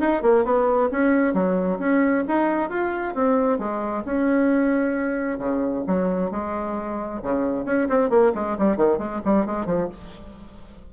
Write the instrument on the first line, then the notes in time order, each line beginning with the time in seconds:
bassoon
0.00 D#4
0.23 A#3
0.45 B3
0.91 C#4
1.34 F#3
1.79 C#4
2.28 D#4
2.70 F4
3.15 C4
3.59 G#3
4.05 C#4
5.39 C#3
5.87 F#3
6.31 G#3
7.23 C#3
7.65 C#4
7.89 C4
8.10 A#3
8.35 G#3
8.59 G3
8.77 D#3
8.99 G#3
9.25 G3
9.46 G#3
9.66 F3